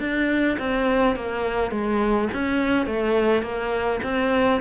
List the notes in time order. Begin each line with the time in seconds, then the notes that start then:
0.00 D4
0.59 C4
1.16 A#3
1.71 G#3
2.34 C#4
2.87 A3
3.43 A#3
4.04 C4